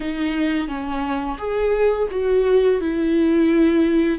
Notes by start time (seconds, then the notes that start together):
0.00 D#4
0.68 C#4
1.38 G#4
2.11 F#4
2.81 E4